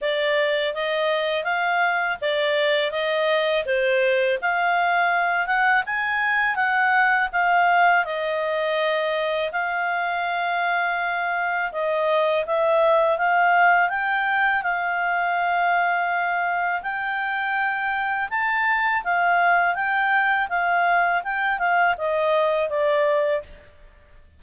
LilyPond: \new Staff \with { instrumentName = "clarinet" } { \time 4/4 \tempo 4 = 82 d''4 dis''4 f''4 d''4 | dis''4 c''4 f''4. fis''8 | gis''4 fis''4 f''4 dis''4~ | dis''4 f''2. |
dis''4 e''4 f''4 g''4 | f''2. g''4~ | g''4 a''4 f''4 g''4 | f''4 g''8 f''8 dis''4 d''4 | }